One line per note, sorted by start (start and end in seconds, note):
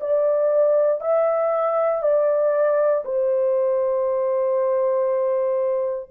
0.00 1.00 D5
1.00 2.02 E5
2.02 3.04 D5
3.05 6.10 C5